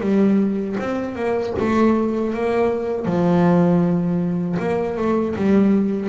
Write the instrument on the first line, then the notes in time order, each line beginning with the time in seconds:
double bass
0.00 G3
0.80 C4
1.15 A#3
1.59 A3
2.33 A#3
3.05 F3
4.59 A#3
4.97 A3
5.35 G3